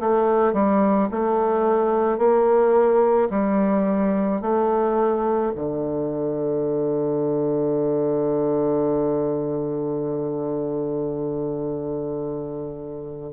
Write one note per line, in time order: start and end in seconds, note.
0.00 0.54 A3
0.54 1.09 G3
1.12 2.18 A3
2.18 3.29 A#3
3.30 4.41 G3
4.41 5.53 A3
5.55 13.33 D3